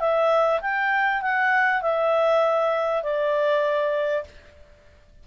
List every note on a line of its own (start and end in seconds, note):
0.00 0.61 E5
0.61 1.22 G5
1.22 1.82 F#5
1.82 3.03 E5
3.03 4.25 D5